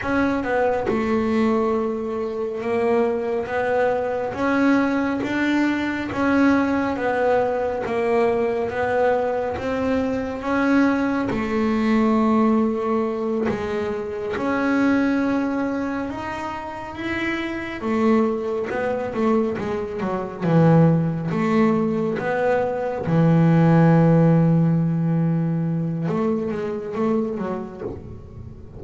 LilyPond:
\new Staff \with { instrumentName = "double bass" } { \time 4/4 \tempo 4 = 69 cis'8 b8 a2 ais4 | b4 cis'4 d'4 cis'4 | b4 ais4 b4 c'4 | cis'4 a2~ a8 gis8~ |
gis8 cis'2 dis'4 e'8~ | e'8 a4 b8 a8 gis8 fis8 e8~ | e8 a4 b4 e4.~ | e2 a8 gis8 a8 fis8 | }